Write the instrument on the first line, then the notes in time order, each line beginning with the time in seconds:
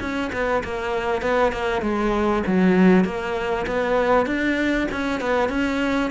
cello
0.00 C#4
0.32 B3
0.63 A#3
1.22 B3
1.52 A#3
1.81 G#3
2.46 F#3
3.04 A#3
3.66 B3
4.26 D4
4.91 C#4
5.20 B3
5.49 C#4